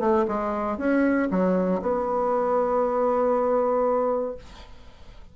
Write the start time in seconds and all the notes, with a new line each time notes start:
0.00 A3
0.28 G#3
0.78 C#4
1.31 F#3
1.82 B3